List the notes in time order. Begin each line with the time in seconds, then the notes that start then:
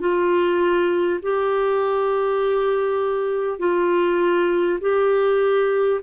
0.00 F4
1.23 G4
3.59 F4
4.81 G4